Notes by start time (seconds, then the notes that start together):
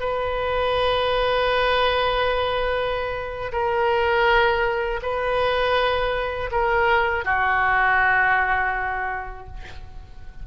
0.00 B4
3.52 A#4
5.02 B4
6.52 A#4
7.25 F#4